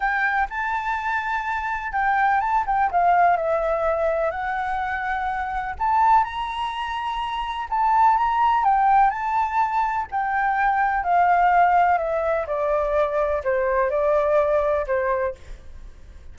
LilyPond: \new Staff \with { instrumentName = "flute" } { \time 4/4 \tempo 4 = 125 g''4 a''2. | g''4 a''8 g''8 f''4 e''4~ | e''4 fis''2. | a''4 ais''2. |
a''4 ais''4 g''4 a''4~ | a''4 g''2 f''4~ | f''4 e''4 d''2 | c''4 d''2 c''4 | }